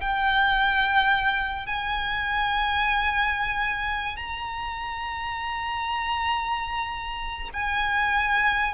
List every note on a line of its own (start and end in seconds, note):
0.00 1.66 G5
1.66 4.16 G#5
4.16 7.49 A#5
7.53 8.74 G#5